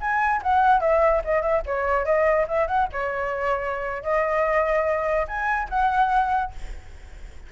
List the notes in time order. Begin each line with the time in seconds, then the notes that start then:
0.00 G#5
0.43 F#5
0.80 E5
1.24 D#5
1.41 E5
1.66 C#5
2.05 D#5
2.48 E5
2.67 F#5
2.92 C#5
4.02 D#5
5.27 G#5
5.69 F#5